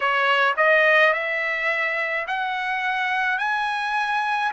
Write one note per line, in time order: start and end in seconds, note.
0.00 0.54 C#5
0.57 1.13 D#5
1.13 2.26 E5
2.27 3.38 F#5
3.38 4.51 G#5